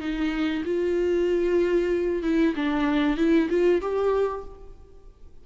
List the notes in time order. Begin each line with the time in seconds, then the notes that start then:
0.00 D#4
0.65 F4
2.23 E4
2.56 D4
3.17 E4
3.50 F4
3.81 G4